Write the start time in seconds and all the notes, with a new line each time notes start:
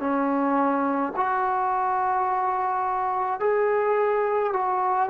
0.00 C#4
1.16 F#4
3.40 G#4
4.53 F#4